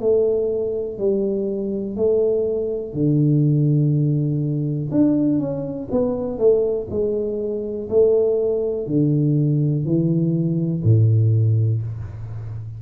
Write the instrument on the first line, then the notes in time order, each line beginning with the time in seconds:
tuba
0.00 A3
0.98 G3
1.96 A3
2.93 D3
4.91 D4
5.39 C#4
5.91 B3
6.38 A3
6.90 G#3
7.89 A3
8.87 D3
9.85 E3
10.83 A2